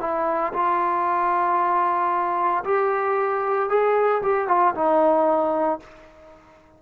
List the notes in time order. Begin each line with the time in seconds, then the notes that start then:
0.00 E4
0.53 F4
2.64 G4
3.69 G#4
4.22 G4
4.48 F4
4.74 D#4